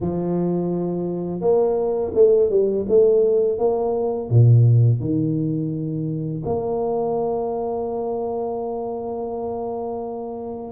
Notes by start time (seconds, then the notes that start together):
0.00 F3
1.40 A#3
2.14 A3
2.50 G3
2.88 A3
3.58 A#3
4.30 A#2
5.00 D#3
6.45 A#3